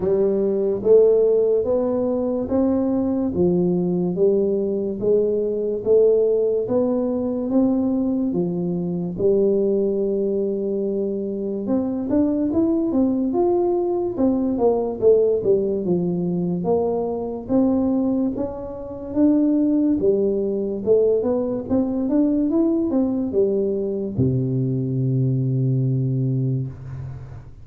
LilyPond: \new Staff \with { instrumentName = "tuba" } { \time 4/4 \tempo 4 = 72 g4 a4 b4 c'4 | f4 g4 gis4 a4 | b4 c'4 f4 g4~ | g2 c'8 d'8 e'8 c'8 |
f'4 c'8 ais8 a8 g8 f4 | ais4 c'4 cis'4 d'4 | g4 a8 b8 c'8 d'8 e'8 c'8 | g4 c2. | }